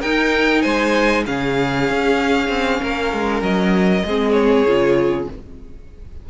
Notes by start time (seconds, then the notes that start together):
0.00 D#4 A#4 G5
0.61 G#3 C5 G#5
1.25 C#3 C#4 G#4 F5
1.90 C#4
2.49 C4
2.83 A#3 A#4
3.13 G#3
3.41 F#3 D#5
4.04 G#3 C4 G#4
4.32 C#5
4.66 C#3 F4